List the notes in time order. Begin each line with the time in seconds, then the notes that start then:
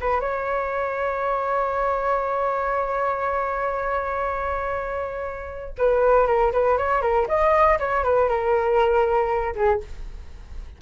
0.00 B4
0.20 C#5
5.78 B4
6.27 A#4
6.52 B4
6.77 C#5
7.02 A#4
7.27 D#5
7.79 C#5
8.03 B4
8.28 A#4
9.55 G#4